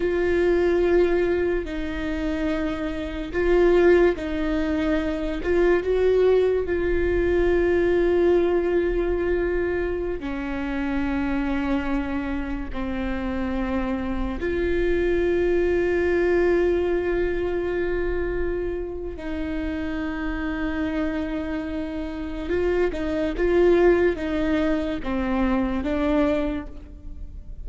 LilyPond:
\new Staff \with { instrumentName = "viola" } { \time 4/4 \tempo 4 = 72 f'2 dis'2 | f'4 dis'4. f'8 fis'4 | f'1~ | f'16 cis'2. c'8.~ |
c'4~ c'16 f'2~ f'8.~ | f'2. dis'4~ | dis'2. f'8 dis'8 | f'4 dis'4 c'4 d'4 | }